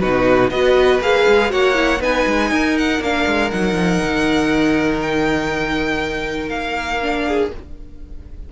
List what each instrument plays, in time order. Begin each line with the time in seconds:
0.00 cello B2, viola D#4, violin F#4 B4
0.50 cello B3, viola F#4, violin B4 D#5
1.01 cello A#3, viola G#4, violin F5
1.28 cello G#3
1.49 cello A#3, viola F#4, violin C#5 F#5
1.74 viola E4
2.00 cello B3, viola D#4, violin B4 G#5
2.26 cello G#3
2.51 cello D#4, violin A#4
2.78 violin F#5
3.00 cello A#3, viola D4, violin F5
3.27 cello G#3
3.51 cello F#3, viola D#4, violin F#5
3.74 cello F3
4.03 cello D#3
5.01 violin G5
6.49 cello A#3, violin F5
7.01 viola D4
7.27 violin G#4